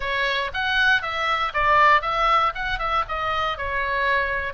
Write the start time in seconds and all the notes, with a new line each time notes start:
0.00 C#5
0.53 F#5
1.02 E5
1.53 D5
2.01 E5
2.54 F#5
2.78 E5
3.08 D#5
3.57 C#5